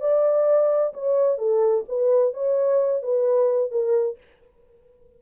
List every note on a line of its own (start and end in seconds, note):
0.00 0.93 D5
0.93 1.38 C#5
1.38 1.84 A4
1.88 2.34 B4
2.34 3.02 C#5
3.02 3.71 B4
3.71 4.18 A#4